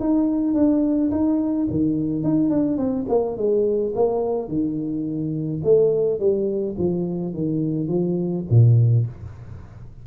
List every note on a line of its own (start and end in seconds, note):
0.00 0.54 D#4
0.54 1.11 D4
1.11 1.68 D#4
1.70 2.24 D#3
2.24 2.50 D#4
2.50 2.77 D4
2.77 3.06 C4
3.09 3.37 A#3
3.37 3.94 G#3
3.95 4.48 A#3
4.48 5.62 D#3
5.64 6.20 A3
6.20 6.76 G3
6.78 7.34 F3
7.34 7.88 D#3
7.88 8.45 F3
8.50 9.07 A#2